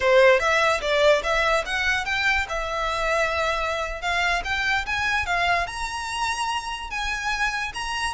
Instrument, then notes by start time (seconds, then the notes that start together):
violin
0.00 C5
0.39 E5
0.81 D5
1.23 E5
1.65 F#5
2.05 G5
2.48 E5
4.01 F5
4.44 G5
4.86 G#5
5.25 F5
5.67 A#5
6.90 G#5
7.74 A#5